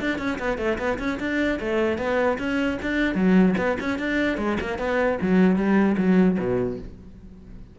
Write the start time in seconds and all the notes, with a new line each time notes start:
0.00 D4
0.19 C#4
0.39 B3
0.58 A3
0.78 B3
0.99 C#4
1.19 D4
1.59 A3
1.98 B3
2.38 C#4
2.82 D4
3.15 F#3
3.57 B3
3.80 C#4
3.99 D4
4.37 G#3
4.60 A#3
4.78 B3
5.22 F#3
5.56 G3
5.97 F#3
6.39 B2